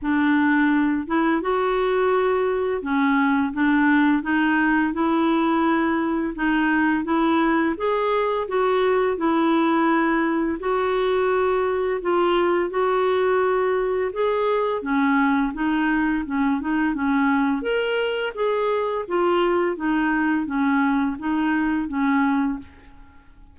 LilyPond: \new Staff \with { instrumentName = "clarinet" } { \time 4/4 \tempo 4 = 85 d'4. e'8 fis'2 | cis'4 d'4 dis'4 e'4~ | e'4 dis'4 e'4 gis'4 | fis'4 e'2 fis'4~ |
fis'4 f'4 fis'2 | gis'4 cis'4 dis'4 cis'8 dis'8 | cis'4 ais'4 gis'4 f'4 | dis'4 cis'4 dis'4 cis'4 | }